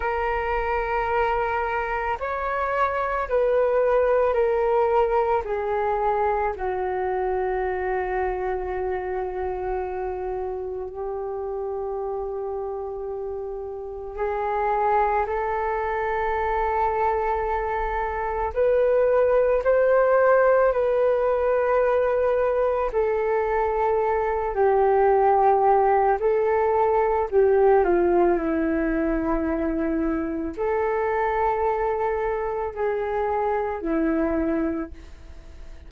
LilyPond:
\new Staff \with { instrumentName = "flute" } { \time 4/4 \tempo 4 = 55 ais'2 cis''4 b'4 | ais'4 gis'4 fis'2~ | fis'2 g'2~ | g'4 gis'4 a'2~ |
a'4 b'4 c''4 b'4~ | b'4 a'4. g'4. | a'4 g'8 f'8 e'2 | a'2 gis'4 e'4 | }